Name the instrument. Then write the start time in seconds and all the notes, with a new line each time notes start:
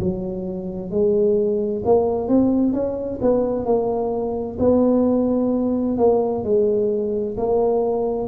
tuba
0.00 F#3
0.91 G#3
1.85 A#3
2.28 C4
2.73 C#4
3.22 B3
3.65 A#3
4.59 B3
5.97 A#3
6.44 G#3
7.37 A#3